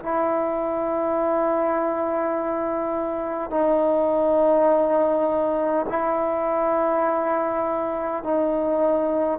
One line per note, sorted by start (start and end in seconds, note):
0.00 3.51 E4
3.51 5.86 D#4
5.89 8.24 E4
8.24 9.40 D#4